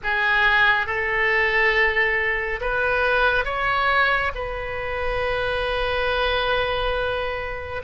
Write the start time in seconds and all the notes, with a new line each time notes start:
0.03 G#4
0.86 A4
2.60 B4
3.44 C#5
4.34 B4